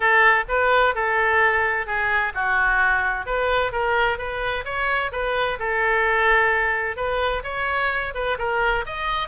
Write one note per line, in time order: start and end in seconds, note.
0.00 0.44 A4
0.48 0.94 B4
0.94 1.86 A4
1.86 2.33 G#4
2.34 3.26 F#4
3.26 3.72 B4
3.72 4.18 A#4
4.18 4.64 B4
4.64 5.11 C#5
5.12 5.58 B4
5.59 6.96 A4
6.96 7.42 B4
7.43 8.13 C#5
8.14 8.37 B4
8.38 8.84 A#4
8.85 9.28 D#5